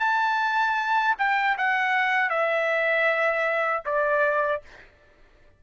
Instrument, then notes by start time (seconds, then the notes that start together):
trumpet
0.00 A5
1.19 G5
1.58 F#5
2.30 E5
3.85 D5